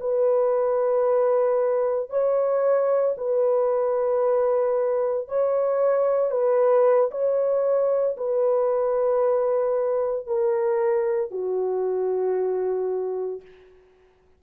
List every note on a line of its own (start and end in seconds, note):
0.00 2.10 B4
2.10 3.15 C#5
3.17 5.28 B4
5.28 6.31 C#5
6.31 7.10 B4
7.11 8.16 C#5
8.17 10.26 B4
10.26 11.31 A#4
11.31 13.42 F#4